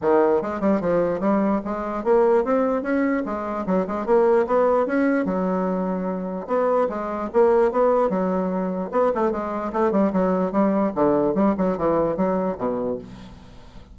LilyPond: \new Staff \with { instrumentName = "bassoon" } { \time 4/4 \tempo 4 = 148 dis4 gis8 g8 f4 g4 | gis4 ais4 c'4 cis'4 | gis4 fis8 gis8 ais4 b4 | cis'4 fis2. |
b4 gis4 ais4 b4 | fis2 b8 a8 gis4 | a8 g8 fis4 g4 d4 | g8 fis8 e4 fis4 b,4 | }